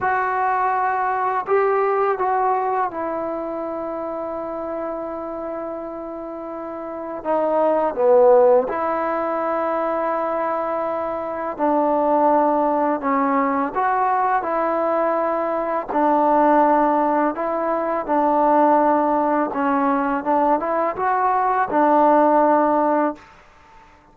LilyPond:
\new Staff \with { instrumentName = "trombone" } { \time 4/4 \tempo 4 = 83 fis'2 g'4 fis'4 | e'1~ | e'2 dis'4 b4 | e'1 |
d'2 cis'4 fis'4 | e'2 d'2 | e'4 d'2 cis'4 | d'8 e'8 fis'4 d'2 | }